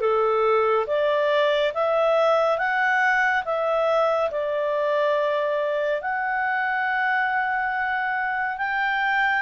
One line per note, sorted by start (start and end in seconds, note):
0.00 0.86 A4
0.86 1.72 D5
1.74 2.58 E5
2.58 3.43 F#5
3.44 4.30 E5
4.31 6.01 D5
6.01 8.57 F#5
8.57 9.42 G5